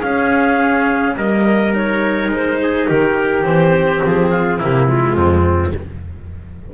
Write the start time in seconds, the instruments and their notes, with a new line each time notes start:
0.00 cello C#4, double bass C#4, trumpet G#4, clarinet F5
1.15 double bass G3, cello A#3, trumpet A#4, clarinet D#5
1.73 cello D#4, clarinet C#5
2.28 double bass G#3, clarinet C5
2.62 trumpet G#4
2.87 double bass D#3, trumpet G4, clarinet A#4
3.44 double bass E3, cello C4, clarinet C5
4.04 double bass F3, clarinet G#4
4.30 trumpet F4
4.58 double bass C3, cello A#3, trumpet E4, clarinet G4
4.86 cello G#3, clarinet F4
5.14 double bass F2, trumpet C4